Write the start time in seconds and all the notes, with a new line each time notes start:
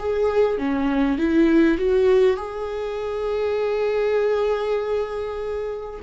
0.00 G#4
0.59 C#4
1.18 E4
1.79 F#4
2.37 G#4